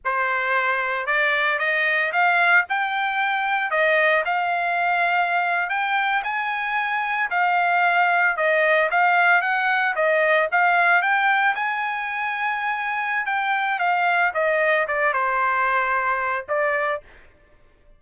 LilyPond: \new Staff \with { instrumentName = "trumpet" } { \time 4/4 \tempo 4 = 113 c''2 d''4 dis''4 | f''4 g''2 dis''4 | f''2~ f''8. g''4 gis''16~ | gis''4.~ gis''16 f''2 dis''16~ |
dis''8. f''4 fis''4 dis''4 f''16~ | f''8. g''4 gis''2~ gis''16~ | gis''4 g''4 f''4 dis''4 | d''8 c''2~ c''8 d''4 | }